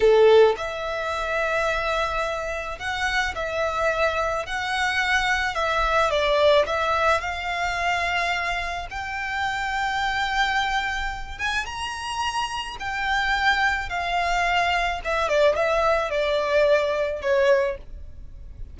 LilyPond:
\new Staff \with { instrumentName = "violin" } { \time 4/4 \tempo 4 = 108 a'4 e''2.~ | e''4 fis''4 e''2 | fis''2 e''4 d''4 | e''4 f''2. |
g''1~ | g''8 gis''8 ais''2 g''4~ | g''4 f''2 e''8 d''8 | e''4 d''2 cis''4 | }